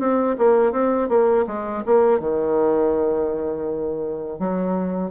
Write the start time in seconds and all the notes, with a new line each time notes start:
0.00 C4
0.38 A#3
0.73 C4
1.09 A#3
1.47 G#3
1.86 A#3
2.20 D#3
4.39 F#3